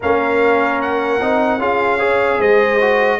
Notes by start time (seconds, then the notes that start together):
0.00 A#3 C#4 A#4 F5
0.81 F#5
1.20 C4 D#4
1.58 C#4 F4 G#4 F5
1.99 G#4 C#5
2.38 G#3 C5 D#5
2.80 F#4